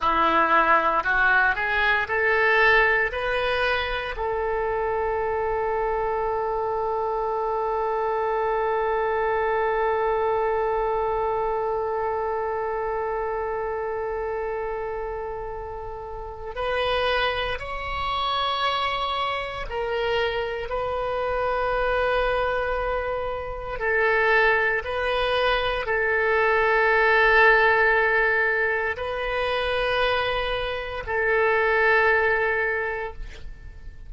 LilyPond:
\new Staff \with { instrumentName = "oboe" } { \time 4/4 \tempo 4 = 58 e'4 fis'8 gis'8 a'4 b'4 | a'1~ | a'1~ | a'1 |
b'4 cis''2 ais'4 | b'2. a'4 | b'4 a'2. | b'2 a'2 | }